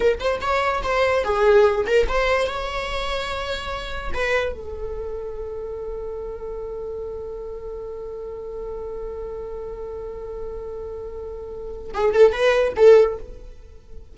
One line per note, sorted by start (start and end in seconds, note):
0.00 0.19 A#4
0.19 0.40 C5
0.41 0.82 C#5
0.83 1.23 C5
1.23 1.85 G#4
1.86 2.07 A#4
2.08 2.47 C5
2.47 4.11 C#5
4.14 4.52 B4
4.52 11.92 A4
11.93 12.14 G#4
12.14 12.32 A4
12.32 12.73 B4
12.76 13.17 A4